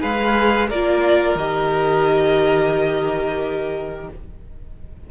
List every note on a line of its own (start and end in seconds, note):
0.00 0.70 G#3
0.00 0.68 G#4
0.00 0.68 B4
0.00 0.70 F5
0.68 1.35 A#3
0.68 1.38 F4
0.68 4.09 A#4
0.68 1.38 D5
1.35 4.08 D#3
1.35 4.11 G4
1.35 4.10 D#5